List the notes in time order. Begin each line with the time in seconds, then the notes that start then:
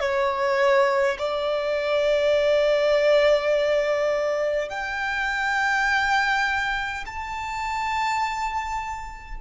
0.00 C#5
1.18 D5
4.69 G5
7.06 A5